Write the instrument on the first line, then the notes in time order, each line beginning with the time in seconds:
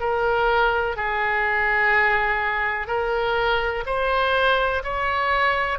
oboe
0.00 A#4
0.96 G#4
2.87 A#4
3.86 C5
4.84 C#5